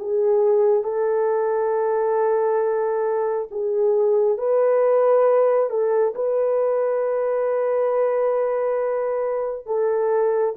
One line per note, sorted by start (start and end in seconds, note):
0.00 0.84 G#4
0.84 3.49 A4
3.51 4.38 G#4
4.38 5.70 B4
5.70 6.14 A4
6.15 9.67 B4
9.67 10.55 A4